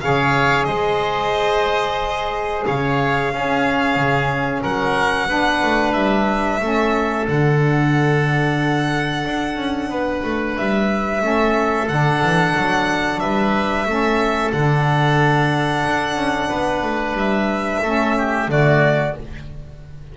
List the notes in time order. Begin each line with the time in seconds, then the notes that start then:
0.00 C#3 G#4 C#5 F5
0.65 G#3 C5 D#5
2.66 C#3 C#5 F5
3.32 C#4 G#4
3.96 C#3
4.62 F#3 A#4 F#5
5.27 B3 D4 B4
5.62 A3
5.93 G3 E5
6.61 A3 C#4 A4
7.27 D3 D4 F#5
9.25 D4
9.56 C#4
9.88 B3 B4
10.23 A3
10.57 G3 E5
11.20 A3 C#4 A4
11.88 D3 D4 F#5
12.22 E3
12.57 F#3
13.19 G3 B4 E5
13.85 A3 C#4 A4
14.52 D3 D4 F#5
15.86 D4
16.15 C#4
16.49 B3 B4
16.83 A3
17.13 G3 E5
17.82 A3 C#4 A4
18.17 G4
18.46 D3 A3 F#4 D5